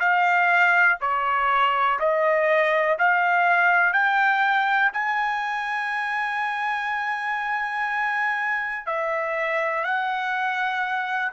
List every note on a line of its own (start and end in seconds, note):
0.00 0.98 F5
1.01 1.99 C#5
2.00 2.98 D#5
2.99 3.93 F5
3.93 4.92 G5
4.93 8.87 G#5
8.87 9.85 E5
9.85 11.32 F#5